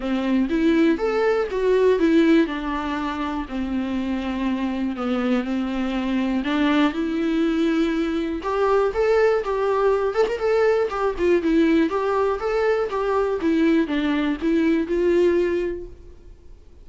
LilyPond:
\new Staff \with { instrumentName = "viola" } { \time 4/4 \tempo 4 = 121 c'4 e'4 a'4 fis'4 | e'4 d'2 c'4~ | c'2 b4 c'4~ | c'4 d'4 e'2~ |
e'4 g'4 a'4 g'4~ | g'8 a'16 ais'16 a'4 g'8 f'8 e'4 | g'4 a'4 g'4 e'4 | d'4 e'4 f'2 | }